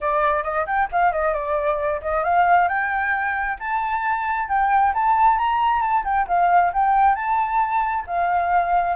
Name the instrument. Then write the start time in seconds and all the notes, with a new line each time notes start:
flute
0.00 D5
0.43 D#5
0.66 G5
0.92 F5
1.12 D#5
1.33 D5
2.01 D#5
2.23 F5
2.68 G5
3.59 A5
4.48 G5
4.94 A5
5.38 A#5
5.81 A5
6.04 G5
6.27 F5
6.73 G5
7.15 A5
8.06 F5